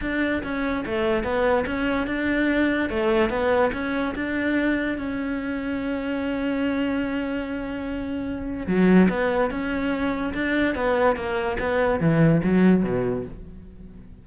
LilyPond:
\new Staff \with { instrumentName = "cello" } { \time 4/4 \tempo 4 = 145 d'4 cis'4 a4 b4 | cis'4 d'2 a4 | b4 cis'4 d'2 | cis'1~ |
cis'1~ | cis'4 fis4 b4 cis'4~ | cis'4 d'4 b4 ais4 | b4 e4 fis4 b,4 | }